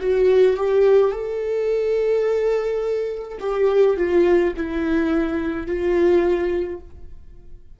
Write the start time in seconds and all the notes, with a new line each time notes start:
0.00 F#4
0.57 G4
1.12 A4
3.40 G4
3.97 F4
4.56 E4
5.67 F4